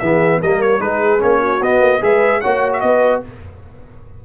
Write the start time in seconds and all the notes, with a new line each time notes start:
0.00 E3 B3 G#4 E5
0.40 G3 A#3 A#4 D#5
0.62 C#5
0.80 G#3 D#4 G#4 B4
1.19 A#3 C#4 C#5
1.41 F#4
1.61 B3 D#5
1.81 A#3
2.01 G#3 G#4 B4 E5
2.41 A#3 F#4 C#5 F#5
2.73 E5
2.81 B3 B4 D#5